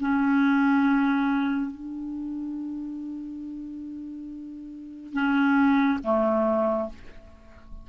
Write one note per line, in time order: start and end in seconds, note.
0.00 1.71 C#4
1.71 5.13 D4
5.13 5.99 C#4
6.04 6.90 A3